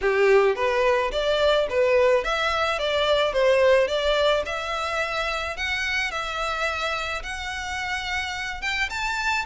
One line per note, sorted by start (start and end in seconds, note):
0.01 0.55 G4
0.55 1.11 B4
1.11 1.67 D5
1.69 2.24 B4
2.24 2.78 E5
2.78 3.32 D5
3.32 3.87 C5
3.87 4.43 D5
4.45 5.57 E5
5.57 6.11 F#5
6.11 7.22 E5
7.22 8.61 F#5
8.61 8.89 G5
8.89 9.45 A5